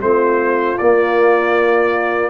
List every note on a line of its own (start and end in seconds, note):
0.00 0.77 A3
0.00 0.77 C4
0.00 2.29 F4
0.00 0.78 C5
0.78 2.29 A#3
0.78 2.29 D5